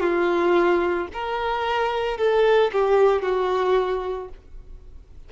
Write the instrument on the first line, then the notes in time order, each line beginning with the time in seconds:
violin
0.00 F4
1.13 A#4
2.18 A4
2.73 G4
3.22 F#4